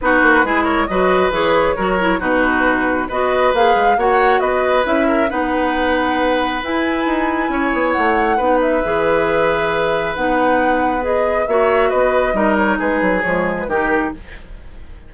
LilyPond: <<
  \new Staff \with { instrumentName = "flute" } { \time 4/4 \tempo 4 = 136 b'4. cis''8 dis''4 cis''4~ | cis''4 b'2 dis''4 | f''4 fis''4 dis''4 e''4 | fis''2. gis''4~ |
gis''2 fis''4. e''8~ | e''2. fis''4~ | fis''4 dis''4 e''4 dis''4~ | dis''8 cis''8 b'4 cis''8. b'16 ais'4 | }
  \new Staff \with { instrumentName = "oboe" } { \time 4/4 fis'4 gis'8 ais'8 b'2 | ais'4 fis'2 b'4~ | b'4 cis''4 b'4. ais'8 | b'1~ |
b'4 cis''2 b'4~ | b'1~ | b'2 cis''4 b'4 | ais'4 gis'2 g'4 | }
  \new Staff \with { instrumentName = "clarinet" } { \time 4/4 dis'4 e'4 fis'4 gis'4 | fis'8 e'8 dis'2 fis'4 | gis'4 fis'2 e'4 | dis'2. e'4~ |
e'2. dis'4 | gis'2. dis'4~ | dis'4 gis'4 fis'2 | dis'2 gis4 dis'4 | }
  \new Staff \with { instrumentName = "bassoon" } { \time 4/4 b8 ais8 gis4 fis4 e4 | fis4 b,2 b4 | ais8 gis8 ais4 b4 cis'4 | b2. e'4 |
dis'4 cis'8 b8 a4 b4 | e2. b4~ | b2 ais4 b4 | g4 gis8 fis8 f4 dis4 | }
>>